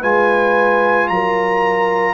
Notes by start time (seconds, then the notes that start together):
0.00 G#3 F4 B4 G#5
1.08 F#3 A#4 A#5